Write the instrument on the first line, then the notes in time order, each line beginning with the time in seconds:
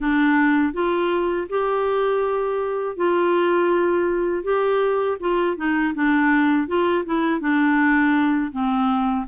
clarinet
0.00 D4
0.73 F4
1.48 G4
2.96 F4
4.43 G4
5.20 F4
5.57 D#4
5.94 D4
6.67 F4
7.05 E4
7.40 D4
8.52 C4